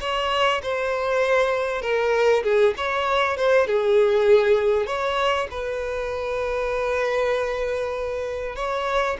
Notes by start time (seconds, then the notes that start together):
0.00 C#5
0.62 C5
1.81 A#4
2.43 G#4
2.77 C#5
3.37 C5
3.67 G#4
4.86 C#5
5.50 B4
8.55 C#5